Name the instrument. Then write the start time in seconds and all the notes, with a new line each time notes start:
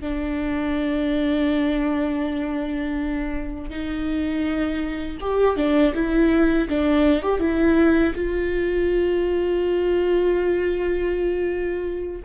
viola
0.00 D4
3.69 D#4
5.20 G4
5.56 D4
5.94 E4
6.69 D4
7.22 G4
7.39 E4
8.14 F4